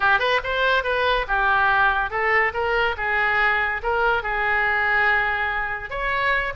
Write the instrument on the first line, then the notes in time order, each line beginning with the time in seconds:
oboe
0.00 G4
0.19 B4
0.43 C5
0.83 B4
1.27 G4
2.10 A4
2.53 A#4
2.97 G#4
3.82 A#4
4.22 G#4
5.89 C#5